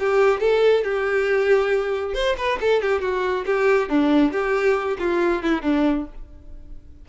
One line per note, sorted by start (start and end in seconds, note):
0.00 0.41 G4
0.41 0.84 A4
0.84 2.15 G4
2.15 2.37 C5
2.38 2.59 B4
2.61 2.82 A4
2.82 3.02 G4
3.02 3.45 F#4
3.46 3.89 G4
3.89 4.33 D4
4.33 4.98 G4
4.99 5.43 F4
5.43 5.62 E4
5.62 6.06 D4